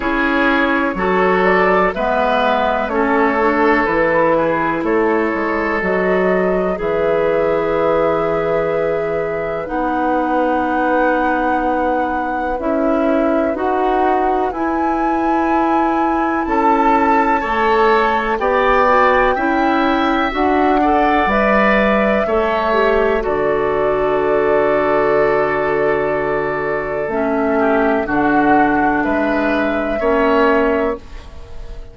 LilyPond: <<
  \new Staff \with { instrumentName = "flute" } { \time 4/4 \tempo 4 = 62 cis''4. d''8 e''4 cis''4 | b'4 cis''4 dis''4 e''4~ | e''2 fis''2~ | fis''4 e''4 fis''4 gis''4~ |
gis''4 a''2 g''4~ | g''4 fis''4 e''2 | d''1 | e''4 fis''4 e''2 | }
  \new Staff \with { instrumentName = "oboe" } { \time 4/4 gis'4 a'4 b'4 a'4~ | a'8 gis'8 a'2 b'4~ | b'1~ | b'1~ |
b'4 a'4 cis''4 d''4 | e''4. d''4. cis''4 | a'1~ | a'8 g'8 fis'4 b'4 cis''4 | }
  \new Staff \with { instrumentName = "clarinet" } { \time 4/4 e'4 fis'4 b4 cis'8 d'8 | e'2 fis'4 gis'4~ | gis'2 dis'2~ | dis'4 e'4 fis'4 e'4~ |
e'2 a'4 g'8 fis'8 | e'4 fis'8 a'8 b'4 a'8 g'8 | fis'1 | cis'4 d'2 cis'4 | }
  \new Staff \with { instrumentName = "bassoon" } { \time 4/4 cis'4 fis4 gis4 a4 | e4 a8 gis8 fis4 e4~ | e2 b2~ | b4 cis'4 dis'4 e'4~ |
e'4 cis'4 a4 b4 | cis'4 d'4 g4 a4 | d1 | a4 d4 gis4 ais4 | }
>>